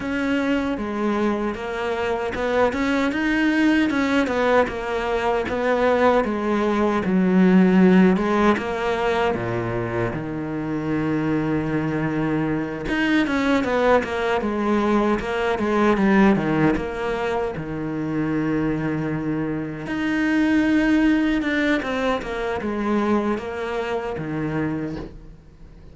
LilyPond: \new Staff \with { instrumentName = "cello" } { \time 4/4 \tempo 4 = 77 cis'4 gis4 ais4 b8 cis'8 | dis'4 cis'8 b8 ais4 b4 | gis4 fis4. gis8 ais4 | ais,4 dis2.~ |
dis8 dis'8 cis'8 b8 ais8 gis4 ais8 | gis8 g8 dis8 ais4 dis4.~ | dis4. dis'2 d'8 | c'8 ais8 gis4 ais4 dis4 | }